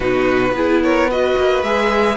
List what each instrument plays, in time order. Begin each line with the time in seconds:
0.00 cello B2, viola D#4, violin F#4 B4
0.52 cello B3, viola E4, violin G#4
0.83 violin A#4 C#5
1.10 viola F#4, violin B4 D#5
1.37 cello A#3
1.62 cello G#3, viola G#4, violin E5